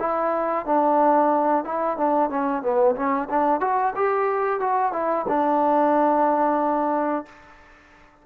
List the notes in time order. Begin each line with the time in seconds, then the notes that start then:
0.00 E4
0.66 D4
1.65 E4
1.98 D4
2.30 C#4
2.63 B3
2.96 C#4
3.30 D4
3.61 F#4
3.96 G4
4.60 F#4
4.93 E4
5.28 D4